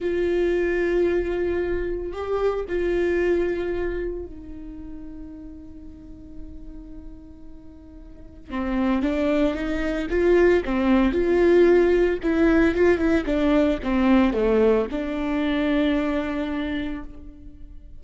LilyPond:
\new Staff \with { instrumentName = "viola" } { \time 4/4 \tempo 4 = 113 f'1 | g'4 f'2. | dis'1~ | dis'1 |
c'4 d'4 dis'4 f'4 | c'4 f'2 e'4 | f'8 e'8 d'4 c'4 a4 | d'1 | }